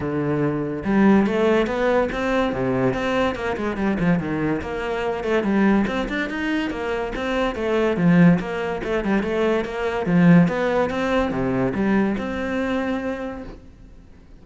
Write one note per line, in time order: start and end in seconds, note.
0.00 0.83 D3
0.84 1.26 G3
1.26 1.66 A3
1.66 2.08 B3
2.12 2.52 C4
2.52 2.93 C3
2.93 3.35 C4
3.35 3.56 A#3
3.56 3.76 G#3
3.76 3.97 G3
3.99 4.19 F3
4.19 4.61 D#3
4.61 5.24 A#3
5.24 5.43 A3
5.43 5.85 G3
5.87 6.08 C4
6.09 6.29 D4
6.29 6.70 D#4
6.70 7.12 A#3
7.15 7.55 C4
7.55 7.96 A3
7.96 8.38 F3
8.39 8.81 A#3
8.83 9.04 A3
9.04 9.23 G3
9.23 9.64 A3
9.64 10.06 A#3
10.06 10.48 F3
10.48 10.90 B3
10.90 11.31 C4
11.31 11.73 C3
11.74 12.16 G3
12.17 13.43 C4